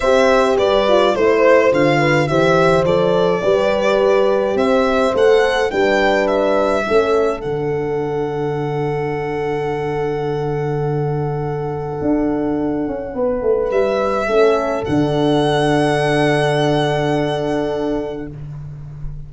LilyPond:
<<
  \new Staff \with { instrumentName = "violin" } { \time 4/4 \tempo 4 = 105 e''4 d''4 c''4 f''4 | e''4 d''2. | e''4 fis''4 g''4 e''4~ | e''4 fis''2.~ |
fis''1~ | fis''1 | e''2 fis''2~ | fis''1 | }
  \new Staff \with { instrumentName = "horn" } { \time 4/4 c''4 b'4 c''4. b'8 | c''2 b'2 | c''2 b'2 | a'1~ |
a'1~ | a'2. b'4~ | b'4 a'2.~ | a'1 | }
  \new Staff \with { instrumentName = "horn" } { \time 4/4 g'4. f'8 e'4 f'4 | g'4 a'4 g'2~ | g'4 a'4 d'2 | cis'4 d'2.~ |
d'1~ | d'1~ | d'4 cis'4 d'2~ | d'1 | }
  \new Staff \with { instrumentName = "tuba" } { \time 4/4 c'4 g4 a4 d4 | e4 f4 g2 | c'4 a4 g2 | a4 d2.~ |
d1~ | d4 d'4. cis'8 b8 a8 | g4 a4 d2~ | d1 | }
>>